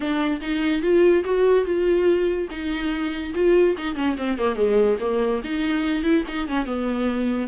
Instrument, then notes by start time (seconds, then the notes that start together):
viola
0.00 D4
0.41 D#4
0.82 F4
1.24 F#4
1.65 F4
2.50 D#4
3.34 F4
3.77 D#4
3.95 C#4
4.17 C4
4.37 A#3
4.55 G#3
5.00 A#3
5.44 D#4
6.03 E4
6.27 D#4
6.48 C#4
6.65 B3